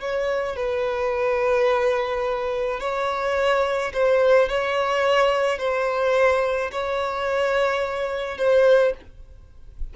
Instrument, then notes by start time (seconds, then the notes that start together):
violin
0.00 C#5
0.56 B4
2.80 C#5
3.94 C5
4.49 C#5
5.59 C5
6.72 C#5
8.38 C5